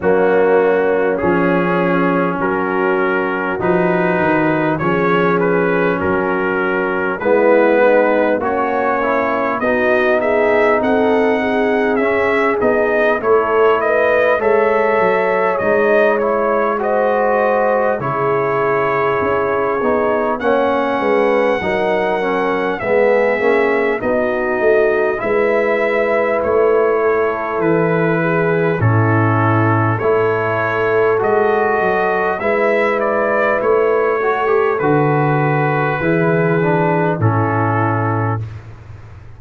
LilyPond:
<<
  \new Staff \with { instrumentName = "trumpet" } { \time 4/4 \tempo 4 = 50 fis'4 gis'4 ais'4 b'4 | cis''8 b'8 ais'4 b'4 cis''4 | dis''8 e''8 fis''4 e''8 dis''8 cis''8 dis''8 | e''4 dis''8 cis''8 dis''4 cis''4~ |
cis''4 fis''2 e''4 | dis''4 e''4 cis''4 b'4 | a'4 cis''4 dis''4 e''8 d''8 | cis''4 b'2 a'4 | }
  \new Staff \with { instrumentName = "horn" } { \time 4/4 cis'2 fis'2 | gis'4 fis'4 e'8 dis'8 cis'4 | fis'8 gis'8 a'8 gis'4. a'8 b'8 | cis''2 c''4 gis'4~ |
gis'4 cis''8 b'8 ais'4 gis'4 | fis'4 b'4. a'4 gis'8 | e'4 a'2 b'4~ | b'8 a'4. gis'4 e'4 | }
  \new Staff \with { instrumentName = "trombone" } { \time 4/4 ais4 cis'2 dis'4 | cis'2 b4 fis'8 e'8 | dis'2 cis'8 dis'8 e'4 | a'4 dis'8 e'8 fis'4 e'4~ |
e'8 dis'8 cis'4 dis'8 cis'8 b8 cis'8 | dis'4 e'2. | cis'4 e'4 fis'4 e'4~ | e'8 fis'16 g'16 fis'4 e'8 d'8 cis'4 | }
  \new Staff \with { instrumentName = "tuba" } { \time 4/4 fis4 f4 fis4 f8 dis8 | f4 fis4 gis4 ais4 | b4 c'4 cis'8 b8 a4 | gis8 fis8 gis2 cis4 |
cis'8 b8 ais8 gis8 fis4 gis8 ais8 | b8 a8 gis4 a4 e4 | a,4 a4 gis8 fis8 gis4 | a4 d4 e4 a,4 | }
>>